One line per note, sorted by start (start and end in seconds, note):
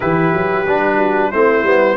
0.00 0.33 E3
0.00 0.66 E4
0.00 0.96 G4
0.00 1.31 B4
0.33 0.66 F#3
0.66 1.32 G3
0.66 1.33 D4
0.96 1.29 F#4
1.31 1.63 A3
1.31 1.65 C4
1.31 1.97 E4
1.31 1.97 C5
1.63 1.96 G3
1.63 1.97 B3